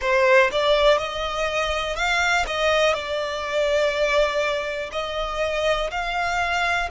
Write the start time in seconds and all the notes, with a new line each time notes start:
0.01 C5
0.51 D5
0.97 D#5
1.95 F5
2.46 D#5
2.93 D5
4.92 D#5
5.90 F5